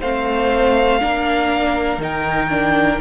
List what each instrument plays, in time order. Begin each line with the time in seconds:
0.00 cello A3, viola C4, violin C5 F5
1.00 cello A#3, viola D4, violin A#4
1.97 cello D#3, viola D#4, violin G5
2.49 viola D4